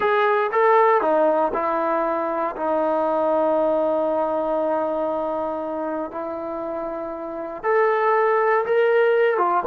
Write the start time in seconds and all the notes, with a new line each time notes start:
0.00 G#4
0.52 A4
1.01 D#4
1.53 E4
2.55 D#4
6.11 E4
7.63 A4
8.65 A#4
9.37 F4